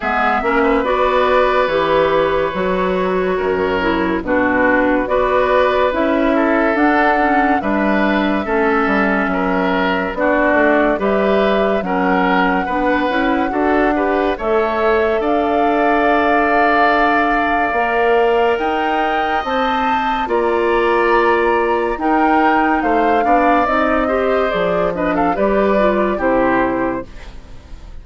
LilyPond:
<<
  \new Staff \with { instrumentName = "flute" } { \time 4/4 \tempo 4 = 71 e''4 d''4 cis''2~ | cis''4 b'4 d''4 e''4 | fis''4 e''2. | d''4 e''4 fis''2~ |
fis''4 e''4 f''2~ | f''2 g''4 a''4 | ais''2 g''4 f''4 | dis''4 d''8 dis''16 f''16 d''4 c''4 | }
  \new Staff \with { instrumentName = "oboe" } { \time 4/4 gis'8 ais'16 b'2.~ b'16 | ais'4 fis'4 b'4. a'8~ | a'4 b'4 a'4 ais'4 | fis'4 b'4 ais'4 b'4 |
a'8 b'8 cis''4 d''2~ | d''2 dis''2 | d''2 ais'4 c''8 d''8~ | d''8 c''4 b'16 a'16 b'4 g'4 | }
  \new Staff \with { instrumentName = "clarinet" } { \time 4/4 b8 cis'8 fis'4 g'4 fis'4~ | fis'8 e'8 d'4 fis'4 e'4 | d'8 cis'8 d'4 cis'2 | d'4 g'4 cis'4 d'8 e'8 |
fis'8 g'8 a'2.~ | a'4 ais'2 c''4 | f'2 dis'4. d'8 | dis'8 g'8 gis'8 d'8 g'8 f'8 e'4 | }
  \new Staff \with { instrumentName = "bassoon" } { \time 4/4 gis8 ais8 b4 e4 fis4 | fis,4 b,4 b4 cis'4 | d'4 g4 a8 g8 fis4 | b8 a8 g4 fis4 b8 cis'8 |
d'4 a4 d'2~ | d'4 ais4 dis'4 c'4 | ais2 dis'4 a8 b8 | c'4 f4 g4 c4 | }
>>